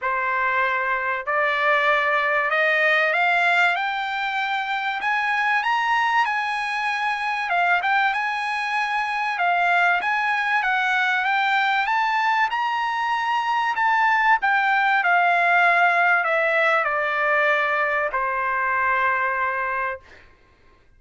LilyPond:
\new Staff \with { instrumentName = "trumpet" } { \time 4/4 \tempo 4 = 96 c''2 d''2 | dis''4 f''4 g''2 | gis''4 ais''4 gis''2 | f''8 g''8 gis''2 f''4 |
gis''4 fis''4 g''4 a''4 | ais''2 a''4 g''4 | f''2 e''4 d''4~ | d''4 c''2. | }